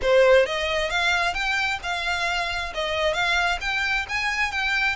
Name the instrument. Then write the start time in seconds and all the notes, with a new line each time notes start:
violin
0.01 C5
0.46 D#5
0.89 F5
1.33 G5
1.83 F5
2.74 D#5
3.13 F5
3.60 G5
4.08 G#5
4.51 G5